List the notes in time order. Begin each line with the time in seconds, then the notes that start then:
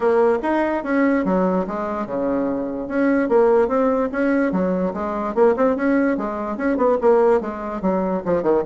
0.00 A#3
0.42 D#4
0.83 C#4
1.24 F#3
1.67 G#3
2.06 C#3
2.88 C#4
3.29 A#3
3.68 C4
4.12 C#4
4.51 F#3
4.93 G#3
5.34 A#3
5.56 C4
5.76 C#4
6.17 G#3
6.57 C#4
6.77 B3
7.01 A#3
7.40 G#3
7.81 F#3
8.25 F3
8.42 D#3